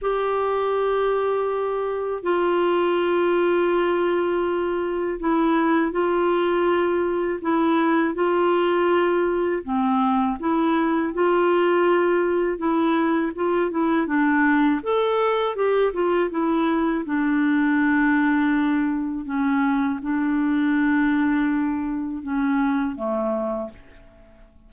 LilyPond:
\new Staff \with { instrumentName = "clarinet" } { \time 4/4 \tempo 4 = 81 g'2. f'4~ | f'2. e'4 | f'2 e'4 f'4~ | f'4 c'4 e'4 f'4~ |
f'4 e'4 f'8 e'8 d'4 | a'4 g'8 f'8 e'4 d'4~ | d'2 cis'4 d'4~ | d'2 cis'4 a4 | }